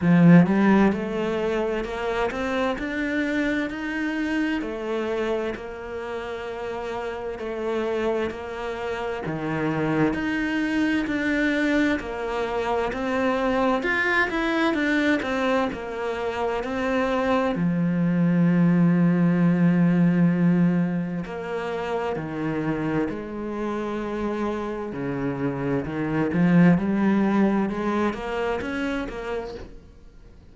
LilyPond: \new Staff \with { instrumentName = "cello" } { \time 4/4 \tempo 4 = 65 f8 g8 a4 ais8 c'8 d'4 | dis'4 a4 ais2 | a4 ais4 dis4 dis'4 | d'4 ais4 c'4 f'8 e'8 |
d'8 c'8 ais4 c'4 f4~ | f2. ais4 | dis4 gis2 cis4 | dis8 f8 g4 gis8 ais8 cis'8 ais8 | }